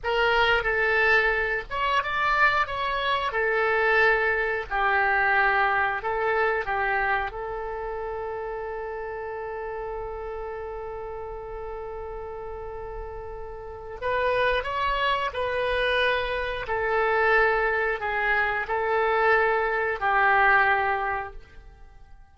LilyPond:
\new Staff \with { instrumentName = "oboe" } { \time 4/4 \tempo 4 = 90 ais'4 a'4. cis''8 d''4 | cis''4 a'2 g'4~ | g'4 a'4 g'4 a'4~ | a'1~ |
a'1~ | a'4 b'4 cis''4 b'4~ | b'4 a'2 gis'4 | a'2 g'2 | }